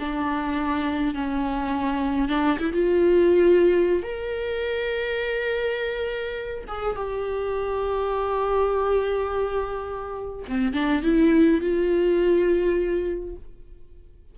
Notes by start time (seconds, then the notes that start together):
0.00 D4
1.15 C#4
2.29 D4
2.59 E4
2.73 F4
4.03 A#4
6.68 G#4
6.96 G4
10.48 C4
10.73 D4
11.03 E4
11.61 F4